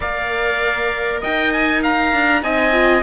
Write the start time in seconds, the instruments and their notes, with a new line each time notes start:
0.00 cello A#3, viola A#4, trumpet D5, oboe F5
1.20 cello D#4, trumpet D#5, oboe G5
1.52 oboe G#5
1.82 trumpet F5, oboe A#5
2.12 cello D4
2.41 cello C4, viola D#4, trumpet D#5, oboe G#5
2.72 viola F4